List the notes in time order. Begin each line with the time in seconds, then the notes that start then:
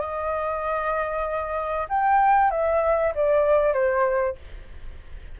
0.00 D#5
1.89 G5
2.51 E5
3.15 D5
3.73 C5